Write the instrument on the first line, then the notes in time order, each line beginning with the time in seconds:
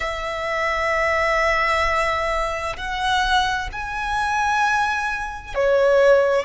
violin
0.00 E5
2.77 F#5
3.72 G#5
5.54 C#5